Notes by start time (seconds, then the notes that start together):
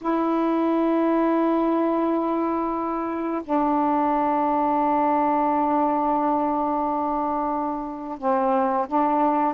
0.01 E4
3.44 D4
8.18 C4
8.87 D4